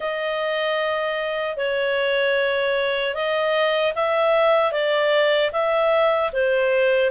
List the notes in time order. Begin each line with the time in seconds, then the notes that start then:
0.00 D#5
1.56 C#5
3.14 D#5
3.95 E5
4.72 D5
5.52 E5
6.32 C5